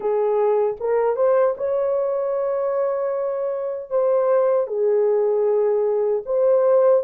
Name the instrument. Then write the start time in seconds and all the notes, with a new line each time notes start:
horn
0.00 G#4
0.80 A#4
1.16 C5
1.57 C#5
3.90 C5
4.67 G#4
6.26 C5